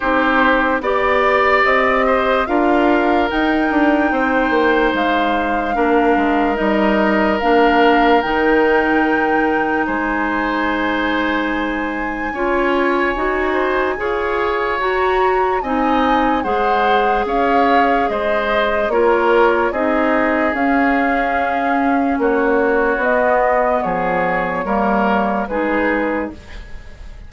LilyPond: <<
  \new Staff \with { instrumentName = "flute" } { \time 4/4 \tempo 4 = 73 c''4 d''4 dis''4 f''4 | g''2 f''2 | dis''4 f''4 g''2 | gis''1~ |
gis''2 ais''4 gis''4 | fis''4 f''4 dis''4 cis''4 | dis''4 f''2 cis''4 | dis''4 cis''2 b'4 | }
  \new Staff \with { instrumentName = "oboe" } { \time 4/4 g'4 d''4. c''8 ais'4~ | ais'4 c''2 ais'4~ | ais'1 | c''2. cis''4~ |
cis''8 c''8 cis''2 dis''4 | c''4 cis''4 c''4 ais'4 | gis'2. fis'4~ | fis'4 gis'4 ais'4 gis'4 | }
  \new Staff \with { instrumentName = "clarinet" } { \time 4/4 dis'4 g'2 f'4 | dis'2. d'4 | dis'4 d'4 dis'2~ | dis'2. f'4 |
fis'4 gis'4 fis'4 dis'4 | gis'2. f'4 | dis'4 cis'2. | b2 ais4 dis'4 | }
  \new Staff \with { instrumentName = "bassoon" } { \time 4/4 c'4 b4 c'4 d'4 | dis'8 d'8 c'8 ais8 gis4 ais8 gis8 | g4 ais4 dis2 | gis2. cis'4 |
dis'4 f'4 fis'4 c'4 | gis4 cis'4 gis4 ais4 | c'4 cis'2 ais4 | b4 f4 g4 gis4 | }
>>